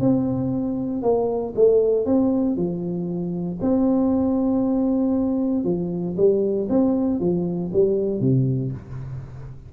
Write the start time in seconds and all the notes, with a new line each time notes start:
0.00 C4
1.02 A#3
1.55 A3
2.05 C4
2.56 F3
3.61 C4
5.64 F3
6.17 G3
6.69 C4
7.20 F3
7.73 G3
8.20 C3